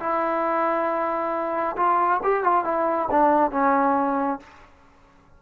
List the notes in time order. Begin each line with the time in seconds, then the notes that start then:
0.00 E4
1.77 F4
2.24 G4
2.44 F4
2.65 E4
3.11 D4
3.52 C#4